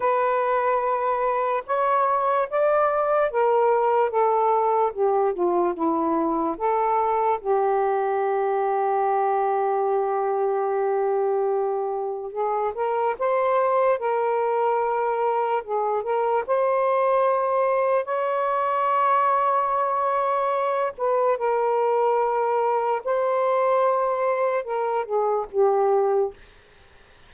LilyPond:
\new Staff \with { instrumentName = "saxophone" } { \time 4/4 \tempo 4 = 73 b'2 cis''4 d''4 | ais'4 a'4 g'8 f'8 e'4 | a'4 g'2.~ | g'2. gis'8 ais'8 |
c''4 ais'2 gis'8 ais'8 | c''2 cis''2~ | cis''4. b'8 ais'2 | c''2 ais'8 gis'8 g'4 | }